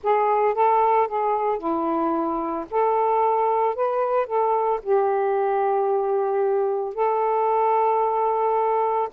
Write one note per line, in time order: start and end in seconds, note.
0.03 0.54 G#4
0.54 1.07 A4
1.07 1.58 G#4
1.58 2.65 E4
2.70 3.75 A4
3.75 4.26 B4
4.26 4.79 A4
4.82 6.94 G4
6.94 9.08 A4